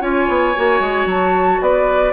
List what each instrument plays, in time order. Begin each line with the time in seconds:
0.00 bassoon C#4, clarinet F4, oboe C#5, flute G#5
0.28 bassoon B3
0.55 bassoon A#3, clarinet F#4
0.80 bassoon G#3
1.05 bassoon F#3, flute A5
1.61 bassoon B3, oboe B4, flute D5